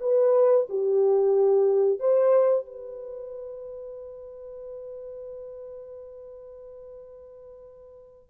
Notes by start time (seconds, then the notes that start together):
0.00 B4
0.69 G4
2.00 C5
2.66 B4